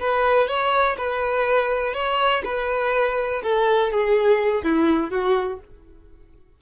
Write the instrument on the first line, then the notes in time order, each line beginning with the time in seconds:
violin
0.00 B4
0.48 C#5
0.98 B4
1.94 C#5
2.45 B4
3.43 A4
3.92 G#4
4.64 E4
5.11 F#4